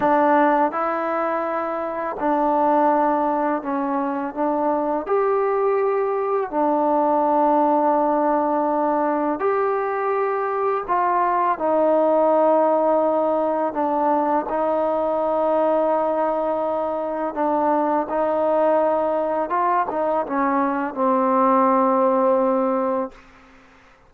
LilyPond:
\new Staff \with { instrumentName = "trombone" } { \time 4/4 \tempo 4 = 83 d'4 e'2 d'4~ | d'4 cis'4 d'4 g'4~ | g'4 d'2.~ | d'4 g'2 f'4 |
dis'2. d'4 | dis'1 | d'4 dis'2 f'8 dis'8 | cis'4 c'2. | }